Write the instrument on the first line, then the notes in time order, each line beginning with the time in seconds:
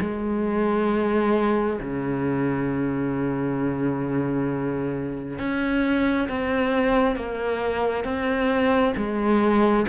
cello
0.00 G#3
1.80 C#3
5.39 C#4
6.28 C4
7.16 A#3
8.04 C4
8.96 G#3